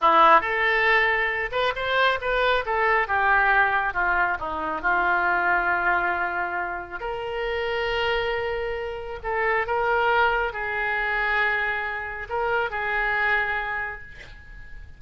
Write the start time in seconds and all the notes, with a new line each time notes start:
0.01 E4
0.40 A4
1.51 B4
1.75 C5
2.21 B4
2.65 A4
3.07 G4
3.93 F4
4.39 D#4
4.81 F4
7.00 A#4
9.23 A4
9.66 A#4
10.52 G#4
12.29 A#4
12.70 G#4